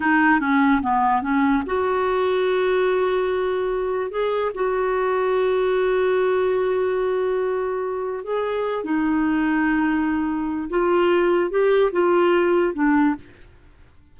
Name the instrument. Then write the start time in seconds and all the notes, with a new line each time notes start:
clarinet
0.00 D#4
0.40 C#4
0.81 B3
1.22 C#4
1.66 F#4
4.10 G#4
4.54 F#4
8.24 G#4
8.84 D#4
10.69 F4
11.50 G4
11.92 F4
12.74 D4